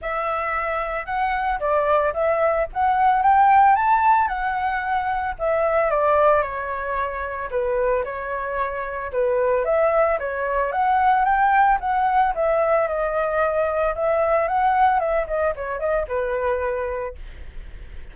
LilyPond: \new Staff \with { instrumentName = "flute" } { \time 4/4 \tempo 4 = 112 e''2 fis''4 d''4 | e''4 fis''4 g''4 a''4 | fis''2 e''4 d''4 | cis''2 b'4 cis''4~ |
cis''4 b'4 e''4 cis''4 | fis''4 g''4 fis''4 e''4 | dis''2 e''4 fis''4 | e''8 dis''8 cis''8 dis''8 b'2 | }